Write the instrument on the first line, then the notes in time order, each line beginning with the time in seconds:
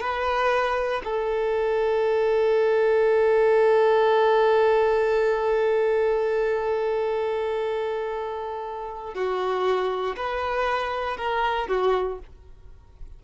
violin
0.00 B4
1.04 A4
9.14 F#4
10.16 B4
11.17 A#4
11.68 F#4